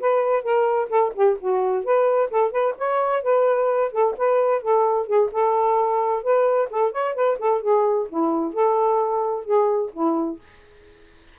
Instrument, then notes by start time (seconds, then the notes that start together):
saxophone
0.00 B4
0.43 A#4
0.89 A4
1.14 G4
1.40 F#4
1.84 B4
2.31 A4
2.51 B4
2.78 C#5
3.23 B4
3.92 A4
4.17 B4
4.62 A4
5.07 G#4
5.32 A4
6.23 B4
6.70 A4
6.92 C#5
7.15 B4
7.38 A4
7.62 G#4
8.09 E4
8.53 A4
9.45 G#4
9.93 E4